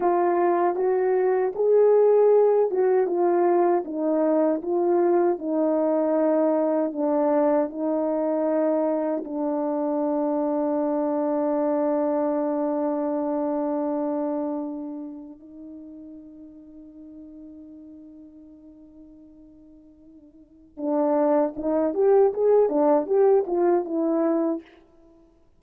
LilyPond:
\new Staff \with { instrumentName = "horn" } { \time 4/4 \tempo 4 = 78 f'4 fis'4 gis'4. fis'8 | f'4 dis'4 f'4 dis'4~ | dis'4 d'4 dis'2 | d'1~ |
d'1 | dis'1~ | dis'2. d'4 | dis'8 g'8 gis'8 d'8 g'8 f'8 e'4 | }